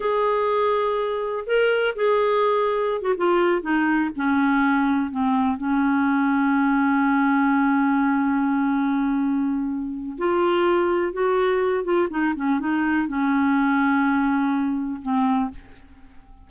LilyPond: \new Staff \with { instrumentName = "clarinet" } { \time 4/4 \tempo 4 = 124 gis'2. ais'4 | gis'2~ gis'16 fis'16 f'4 dis'8~ | dis'8 cis'2 c'4 cis'8~ | cis'1~ |
cis'1~ | cis'4 f'2 fis'4~ | fis'8 f'8 dis'8 cis'8 dis'4 cis'4~ | cis'2. c'4 | }